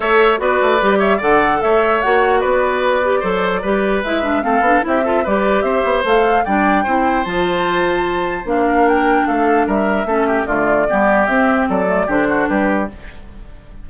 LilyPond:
<<
  \new Staff \with { instrumentName = "flute" } { \time 4/4 \tempo 4 = 149 e''4 d''4. e''8 fis''4 | e''4 fis''4 d''2~ | d''2 e''4 f''4 | e''4 d''4 e''4 f''4 |
g''2 a''2~ | a''4 f''4 g''4 f''4 | e''2 d''2 | e''4 d''4 c''4 b'4 | }
  \new Staff \with { instrumentName = "oboe" } { \time 4/4 cis''4 b'4. cis''8 d''4 | cis''2 b'2 | c''4 b'2 a'4 | g'8 a'8 b'4 c''2 |
d''4 c''2.~ | c''4. ais'4. a'4 | ais'4 a'8 g'8 f'4 g'4~ | g'4 a'4 g'8 fis'8 g'4 | }
  \new Staff \with { instrumentName = "clarinet" } { \time 4/4 a'4 fis'4 g'4 a'4~ | a'4 fis'2~ fis'8 g'8 | a'4 g'4 e'8 d'8 c'8 d'8 | e'8 f'8 g'2 a'4 |
d'4 e'4 f'2~ | f'4 d'2.~ | d'4 cis'4 a4 b4 | c'4. a8 d'2 | }
  \new Staff \with { instrumentName = "bassoon" } { \time 4/4 a4 b8 a8 g4 d4 | a4 ais4 b2 | fis4 g4 gis4 a8 b8 | c'4 g4 c'8 b8 a4 |
g4 c'4 f2~ | f4 ais2 a4 | g4 a4 d4 g4 | c'4 fis4 d4 g4 | }
>>